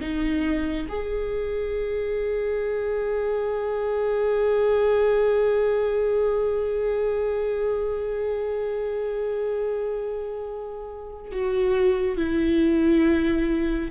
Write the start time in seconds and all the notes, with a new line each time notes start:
0.00 D#4
0.88 G#4
11.31 F#4
12.17 E4